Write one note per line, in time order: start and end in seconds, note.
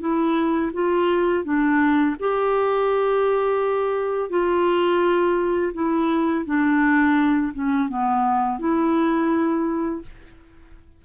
0.00 0.71 E4
0.73 1.44 F4
1.44 2.16 D4
2.19 4.30 G4
4.30 5.72 F4
5.73 6.45 E4
6.45 7.53 D4
7.53 7.89 C#4
7.89 8.59 B3
8.59 10.02 E4